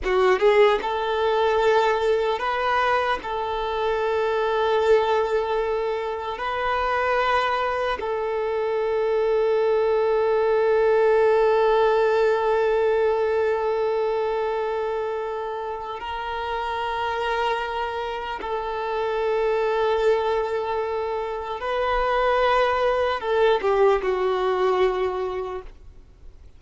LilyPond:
\new Staff \with { instrumentName = "violin" } { \time 4/4 \tempo 4 = 75 fis'8 gis'8 a'2 b'4 | a'1 | b'2 a'2~ | a'1~ |
a'1 | ais'2. a'4~ | a'2. b'4~ | b'4 a'8 g'8 fis'2 | }